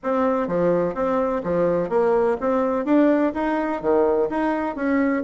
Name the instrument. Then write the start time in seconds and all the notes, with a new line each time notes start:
bassoon
0.03 C4
0.47 F3
0.94 C4
1.43 F3
1.89 A#3
2.40 C4
2.85 D4
3.34 D#4
3.81 D#3
4.29 D#4
4.75 C#4